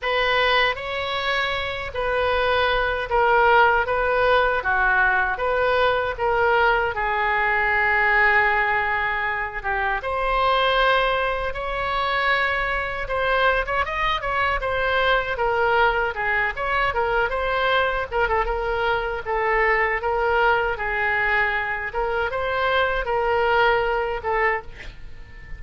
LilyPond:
\new Staff \with { instrumentName = "oboe" } { \time 4/4 \tempo 4 = 78 b'4 cis''4. b'4. | ais'4 b'4 fis'4 b'4 | ais'4 gis'2.~ | gis'8 g'8 c''2 cis''4~ |
cis''4 c''8. cis''16 dis''8 cis''8 c''4 | ais'4 gis'8 cis''8 ais'8 c''4 ais'16 a'16 | ais'4 a'4 ais'4 gis'4~ | gis'8 ais'8 c''4 ais'4. a'8 | }